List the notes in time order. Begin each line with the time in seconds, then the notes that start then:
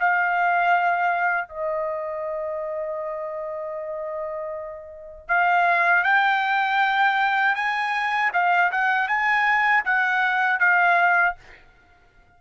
0.00 F5
1.49 D#5
5.28 F5
6.04 G5
7.56 G#5
8.34 F5
8.72 F#5
9.08 G#5
9.85 F#5
10.60 F5